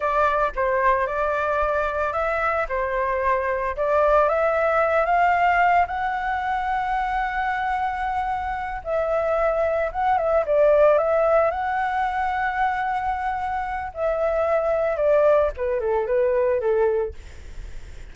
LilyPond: \new Staff \with { instrumentName = "flute" } { \time 4/4 \tempo 4 = 112 d''4 c''4 d''2 | e''4 c''2 d''4 | e''4. f''4. fis''4~ | fis''1~ |
fis''8 e''2 fis''8 e''8 d''8~ | d''8 e''4 fis''2~ fis''8~ | fis''2 e''2 | d''4 b'8 a'8 b'4 a'4 | }